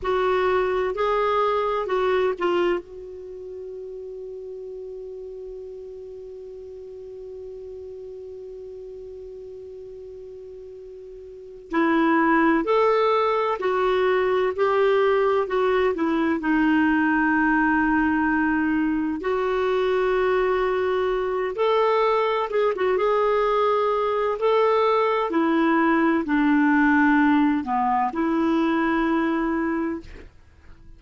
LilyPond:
\new Staff \with { instrumentName = "clarinet" } { \time 4/4 \tempo 4 = 64 fis'4 gis'4 fis'8 f'8 fis'4~ | fis'1~ | fis'1~ | fis'8 e'4 a'4 fis'4 g'8~ |
g'8 fis'8 e'8 dis'2~ dis'8~ | dis'8 fis'2~ fis'8 a'4 | gis'16 fis'16 gis'4. a'4 e'4 | d'4. b8 e'2 | }